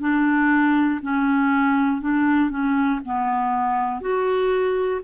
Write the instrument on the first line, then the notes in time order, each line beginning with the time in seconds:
clarinet
0.00 D4
1.02 C#4
2.01 D4
2.50 C#4
3.05 B3
4.00 F#4